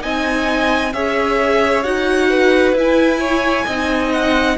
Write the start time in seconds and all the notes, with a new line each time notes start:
0.00 C4 D#4 D#5 G#5
0.93 C#4 G#4 C#5 E5
1.84 D#4 F#4 F#5
2.30 B4
2.73 E4 G#5
3.20 C#5
3.66 C4 D#4 D#5
4.12 F#5